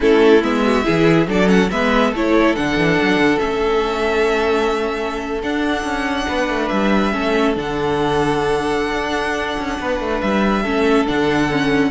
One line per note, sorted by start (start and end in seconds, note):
0.00 0.42 A3
0.00 0.40 C#4
0.00 0.64 E4
0.00 0.43 A4
0.42 0.85 G#3
0.42 0.84 B3
0.42 1.28 E5
0.64 0.84 F#4
0.84 1.26 E3
0.84 1.26 E4
0.84 1.27 G#4
1.26 1.69 F#3
1.26 1.46 D4
1.26 1.71 A4
1.26 1.48 D5
1.46 1.68 C#4
1.46 1.70 F#5
1.70 2.13 G#3
1.70 2.15 B3
1.70 2.10 B4
1.70 2.13 E5
2.10 2.55 A3
2.10 2.56 E4
2.10 6.25 A4
2.10 2.55 C#5
2.55 2.77 D3
2.55 3.39 D4
2.55 3.38 F#5
2.77 2.98 E3
3.01 3.16 F#3
3.16 3.37 D3
3.38 5.42 A3
3.38 5.41 C#4
3.38 5.41 E5
5.42 5.84 D4
5.42 7.12 D4
5.42 6.68 F#5
5.84 6.26 C#4
6.28 6.49 B3
6.28 7.13 B4
6.49 6.70 A3
6.68 7.13 G3
6.68 7.53 E5
7.12 7.55 A3
7.12 7.54 C#4
7.12 9.79 A4
7.55 8.92 D3
7.55 10.63 D4
7.55 10.20 F#5
8.92 9.56 D4
9.58 9.79 C#4
9.79 10.00 B3
9.79 10.62 B4
10.00 10.21 A3
10.20 10.64 G3
10.20 11.05 E5
10.62 11.07 A3
10.62 11.06 C#4
10.62 11.90 A4
11.06 11.91 D3
11.06 11.48 D4
11.06 11.91 F#5
11.51 11.91 C#4